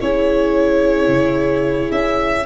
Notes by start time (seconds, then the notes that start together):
0.00 C#4 E4 G#4 C#5
1.08 C#3
1.91 C#4 E5